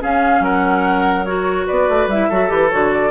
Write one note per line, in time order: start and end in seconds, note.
0.00 1.25 C#4
0.00 0.40 C#4
0.00 0.44 G#4
0.00 0.44 F5
0.40 1.65 F#3
0.40 1.67 A#4
0.40 1.25 F#5
1.25 2.10 F#4
1.25 1.67 C#5
1.67 1.89 B3
1.67 2.29 B4
1.67 2.10 D5
1.89 2.07 A3
2.07 2.28 G3
2.07 2.32 E4
2.07 2.51 E5
2.29 2.51 F#3
2.29 2.49 F#4
2.29 3.11 A4
2.49 2.72 E3
2.49 2.70 G4
2.49 2.70 B4
2.70 3.11 D3
2.70 3.11 F#4
2.70 2.91 C#5
2.92 3.11 D5